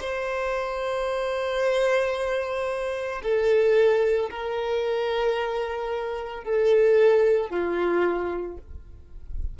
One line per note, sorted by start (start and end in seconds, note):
0.00 3.21 C5
3.22 4.29 A4
4.30 6.43 A#4
6.43 7.50 A4
7.50 8.57 F4